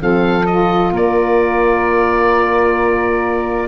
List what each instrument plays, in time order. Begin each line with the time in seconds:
0.00 tuba F3, saxophone C4, flute A4, oboe F5
0.46 saxophone F4, oboe D#5
0.92 tuba A#3, flute A#4, oboe D5